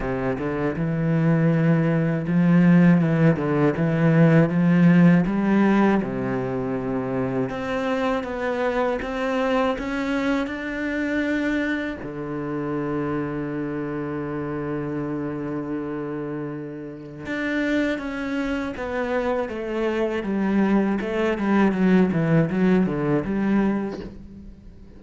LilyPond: \new Staff \with { instrumentName = "cello" } { \time 4/4 \tempo 4 = 80 c8 d8 e2 f4 | e8 d8 e4 f4 g4 | c2 c'4 b4 | c'4 cis'4 d'2 |
d1~ | d2. d'4 | cis'4 b4 a4 g4 | a8 g8 fis8 e8 fis8 d8 g4 | }